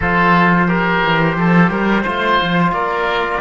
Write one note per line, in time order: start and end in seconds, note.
0.00 1.03 F3
0.00 0.68 F4
0.00 0.67 A4
0.00 2.72 C5
0.68 2.04 G4
0.68 1.36 A#4
1.04 1.36 E3
1.36 1.70 F3
1.36 1.70 A4
1.70 2.04 G3
1.70 2.03 A#4
2.03 2.40 A3
2.03 3.40 F4
2.03 2.71 C5
2.41 2.72 F3
2.72 3.40 A#3
2.72 3.40 A#4
2.72 3.40 D5